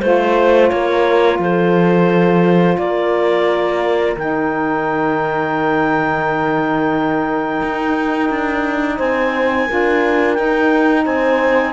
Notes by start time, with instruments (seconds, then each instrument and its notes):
0.00 cello A3, saxophone F4, clarinet C5, horn C5
0.69 cello A#3, horn A#4, clarinet C#5
1.39 cello F3, horn A4, clarinet C5
2.78 cello A#3, horn A#4, clarinet D5
4.17 cello D#3, saxophone D#4, clarinet G5
7.63 cello D#4
8.30 cello D4
8.97 cello C4, horn C5, clarinet G#5
9.66 cello D4, saxophone F4, horn A#4
10.34 saxophone D#4, cello D#4, clarinet G5
11.05 cello C4, horn C5, clarinet G#5